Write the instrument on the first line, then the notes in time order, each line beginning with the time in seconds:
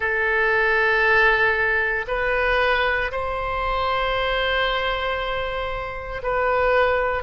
oboe
0.00 A4
2.07 B4
3.11 C5
6.23 B4